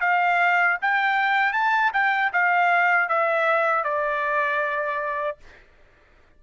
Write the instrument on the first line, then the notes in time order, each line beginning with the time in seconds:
trumpet
0.00 F5
0.81 G5
1.52 A5
1.93 G5
2.33 F5
3.08 E5
3.84 D5